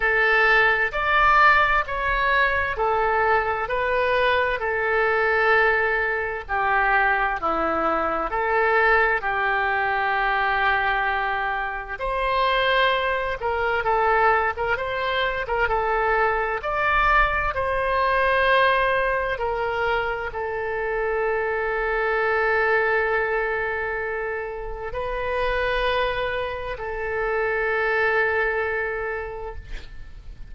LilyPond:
\new Staff \with { instrumentName = "oboe" } { \time 4/4 \tempo 4 = 65 a'4 d''4 cis''4 a'4 | b'4 a'2 g'4 | e'4 a'4 g'2~ | g'4 c''4. ais'8 a'8. ais'16 |
c''8. ais'16 a'4 d''4 c''4~ | c''4 ais'4 a'2~ | a'2. b'4~ | b'4 a'2. | }